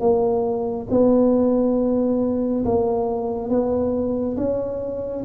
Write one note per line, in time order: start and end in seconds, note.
0.00 0.87 A#3
0.91 2.64 B3
2.65 3.49 A#3
3.49 4.36 B3
4.37 5.24 C#4